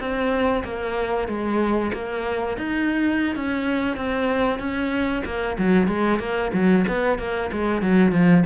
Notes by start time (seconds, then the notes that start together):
0.00 C4
0.65 A#3
1.29 G#3
1.94 A#3
2.58 D#4
3.36 C#4
3.97 C4
4.60 C#4
5.26 A#3
5.59 F#3
5.88 G#3
6.20 A#3
6.54 F#3
6.88 B3
7.19 A#3
7.53 G#3
7.82 F#3
8.12 F3